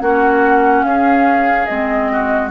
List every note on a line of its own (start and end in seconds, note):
0.00 0.83 A#3
0.00 1.68 C#4
0.00 0.86 F#4
0.00 0.83 F#5
0.83 1.66 C#4
0.83 2.12 G#4
0.83 1.66 F5
1.66 2.51 G#3
1.66 2.51 C4
1.66 2.49 D#5
2.12 2.51 F#4